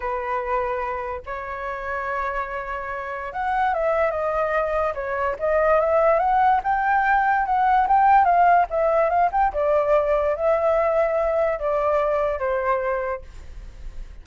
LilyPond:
\new Staff \with { instrumentName = "flute" } { \time 4/4 \tempo 4 = 145 b'2. cis''4~ | cis''1 | fis''4 e''4 dis''2 | cis''4 dis''4 e''4 fis''4 |
g''2 fis''4 g''4 | f''4 e''4 f''8 g''8 d''4~ | d''4 e''2. | d''2 c''2 | }